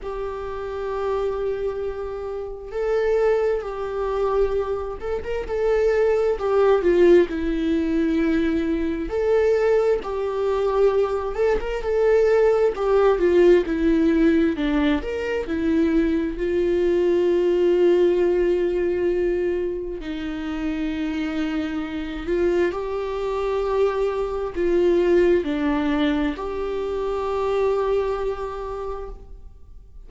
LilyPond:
\new Staff \with { instrumentName = "viola" } { \time 4/4 \tempo 4 = 66 g'2. a'4 | g'4. a'16 ais'16 a'4 g'8 f'8 | e'2 a'4 g'4~ | g'8 a'16 ais'16 a'4 g'8 f'8 e'4 |
d'8 ais'8 e'4 f'2~ | f'2 dis'2~ | dis'8 f'8 g'2 f'4 | d'4 g'2. | }